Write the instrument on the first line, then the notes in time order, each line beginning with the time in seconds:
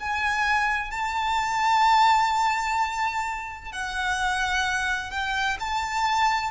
violin
0.00 G#5
0.91 A5
3.72 F#5
5.11 G5
5.60 A5